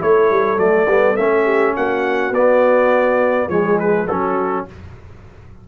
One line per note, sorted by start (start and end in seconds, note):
0.00 0.31 A3
0.00 0.58 E4
0.00 1.44 A4
0.00 0.59 C#5
0.31 0.58 G3
0.58 0.87 F#3
0.58 0.87 A3
0.58 1.17 D5
0.87 1.16 G3
0.87 1.17 B3
1.17 1.76 A3
1.17 2.33 C#4
1.17 1.75 E5
1.44 1.73 G4
1.76 2.31 A#3
1.76 3.49 F#4
1.76 2.34 F#5
2.31 3.47 B3
2.31 3.50 B3
2.31 3.50 D5
3.49 4.07 F3
3.49 4.09 G#3
3.49 4.08 G#4
3.49 3.79 C#5
3.79 4.08 B4
4.08 4.67 F#3
4.08 4.68 C#4
4.08 4.66 F#4
4.08 4.66 A4